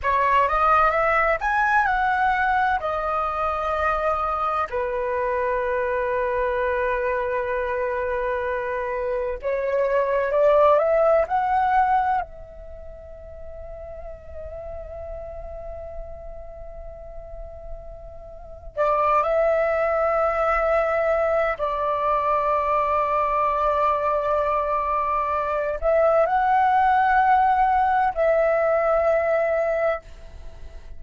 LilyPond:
\new Staff \with { instrumentName = "flute" } { \time 4/4 \tempo 4 = 64 cis''8 dis''8 e''8 gis''8 fis''4 dis''4~ | dis''4 b'2.~ | b'2 cis''4 d''8 e''8 | fis''4 e''2.~ |
e''1 | d''8 e''2~ e''8 d''4~ | d''2.~ d''8 e''8 | fis''2 e''2 | }